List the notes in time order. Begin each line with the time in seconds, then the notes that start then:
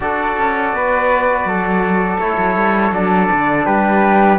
0.00 D4 F#4 A4 D5
0.37 C#4
0.73 B3 B4
1.44 F#3 A4
2.18 A3 E4 C#5
2.37 F#3
2.55 G3
2.91 F#3 D4 D5
3.32 D3
3.65 G3 G4 B4